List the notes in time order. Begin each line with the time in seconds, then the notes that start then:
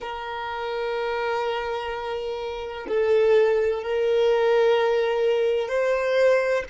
0.00 A#4
2.88 A4
3.82 A#4
5.68 C5